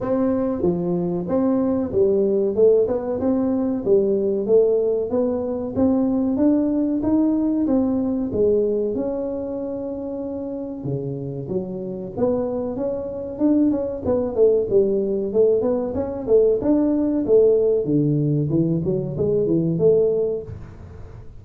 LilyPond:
\new Staff \with { instrumentName = "tuba" } { \time 4/4 \tempo 4 = 94 c'4 f4 c'4 g4 | a8 b8 c'4 g4 a4 | b4 c'4 d'4 dis'4 | c'4 gis4 cis'2~ |
cis'4 cis4 fis4 b4 | cis'4 d'8 cis'8 b8 a8 g4 | a8 b8 cis'8 a8 d'4 a4 | d4 e8 fis8 gis8 e8 a4 | }